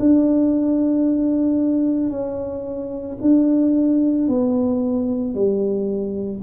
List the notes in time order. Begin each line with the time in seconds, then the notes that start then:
0.00 D4
2.10 C#4
3.21 D4
4.28 B3
5.35 G3